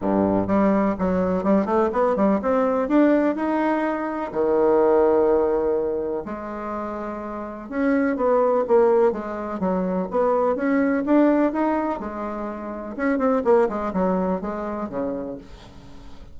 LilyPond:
\new Staff \with { instrumentName = "bassoon" } { \time 4/4 \tempo 4 = 125 g,4 g4 fis4 g8 a8 | b8 g8 c'4 d'4 dis'4~ | dis'4 dis2.~ | dis4 gis2. |
cis'4 b4 ais4 gis4 | fis4 b4 cis'4 d'4 | dis'4 gis2 cis'8 c'8 | ais8 gis8 fis4 gis4 cis4 | }